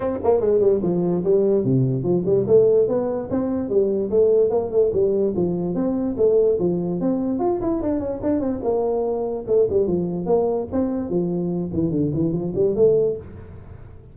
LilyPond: \new Staff \with { instrumentName = "tuba" } { \time 4/4 \tempo 4 = 146 c'8 ais8 gis8 g8 f4 g4 | c4 f8 g8 a4 b4 | c'4 g4 a4 ais8 a8 | g4 f4 c'4 a4 |
f4 c'4 f'8 e'8 d'8 cis'8 | d'8 c'8 ais2 a8 g8 | f4 ais4 c'4 f4~ | f8 e8 d8 e8 f8 g8 a4 | }